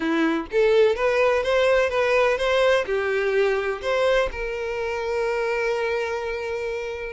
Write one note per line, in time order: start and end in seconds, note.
0.00 0.46 E4
0.51 0.95 A4
0.95 1.43 B4
1.43 1.89 C5
1.89 2.37 B4
2.37 2.85 C5
2.86 3.81 G4
3.81 4.29 C5
4.31 7.12 A#4